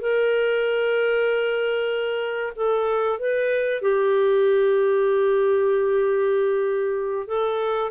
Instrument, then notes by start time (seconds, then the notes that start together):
clarinet
0.00 A#4
2.56 A4
3.19 B4
3.81 G4
7.27 A4